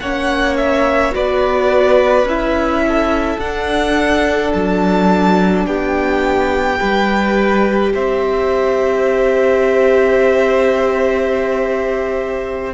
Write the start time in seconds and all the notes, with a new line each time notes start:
0.00 A#3 C#4 C#5 F#5
0.57 E5
1.12 B3 F#4 B4 D5
2.23 C#4 E4 E5
2.88 A4
3.38 D4 F#5
4.53 F#3 A5
5.66 B3 G4 G5
6.78 G3 G4 B4
7.93 C4 C5 E5